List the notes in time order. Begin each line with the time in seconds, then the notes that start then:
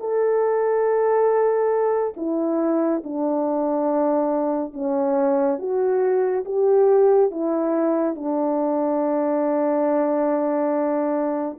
0.00 A4
2.17 E4
3.04 D4
4.73 C#4
5.59 F#4
6.45 G4
7.31 E4
8.15 D4